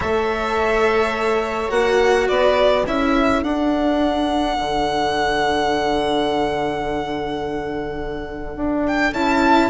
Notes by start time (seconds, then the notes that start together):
0.00 A3 A4 C#5 E5
1.68 A#3 F#4 F#5
2.27 B3 B4 D5
2.86 C#4 E4 A4 E5
3.43 D4 F#5
4.57 D3
8.56 D4
8.87 G5
9.12 C#4 E4 A5